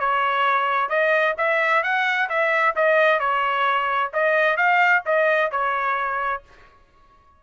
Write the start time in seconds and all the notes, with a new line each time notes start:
0.00 C#5
0.90 D#5
1.38 E5
1.83 F#5
2.30 E5
2.76 D#5
3.20 C#5
4.14 D#5
4.57 F5
5.06 D#5
5.51 C#5